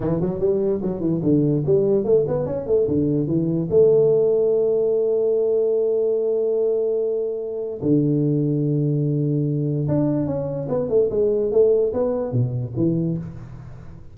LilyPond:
\new Staff \with { instrumentName = "tuba" } { \time 4/4 \tempo 4 = 146 e8 fis8 g4 fis8 e8 d4 | g4 a8 b8 cis'8 a8 d4 | e4 a2.~ | a1~ |
a2. d4~ | d1 | d'4 cis'4 b8 a8 gis4 | a4 b4 b,4 e4 | }